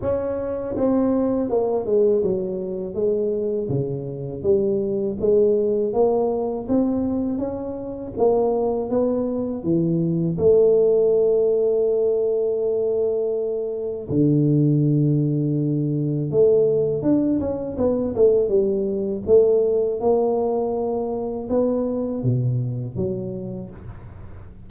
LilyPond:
\new Staff \with { instrumentName = "tuba" } { \time 4/4 \tempo 4 = 81 cis'4 c'4 ais8 gis8 fis4 | gis4 cis4 g4 gis4 | ais4 c'4 cis'4 ais4 | b4 e4 a2~ |
a2. d4~ | d2 a4 d'8 cis'8 | b8 a8 g4 a4 ais4~ | ais4 b4 b,4 fis4 | }